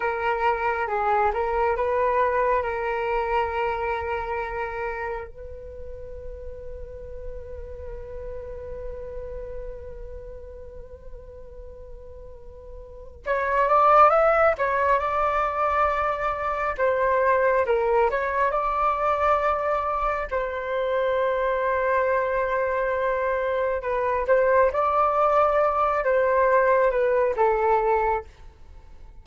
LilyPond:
\new Staff \with { instrumentName = "flute" } { \time 4/4 \tempo 4 = 68 ais'4 gis'8 ais'8 b'4 ais'4~ | ais'2 b'2~ | b'1~ | b'2. cis''8 d''8 |
e''8 cis''8 d''2 c''4 | ais'8 cis''8 d''2 c''4~ | c''2. b'8 c''8 | d''4. c''4 b'8 a'4 | }